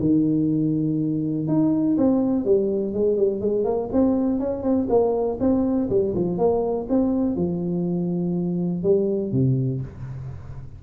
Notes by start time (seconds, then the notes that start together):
0.00 D#3
1.48 D#4
1.98 C4
2.45 G3
2.94 G#3
3.17 G3
3.41 G#3
3.65 A#3
3.92 C4
4.39 C#4
4.63 C4
4.89 A#3
5.40 C4
5.89 G3
6.15 F3
6.38 A#3
6.89 C4
7.36 F3
8.83 G3
9.32 C3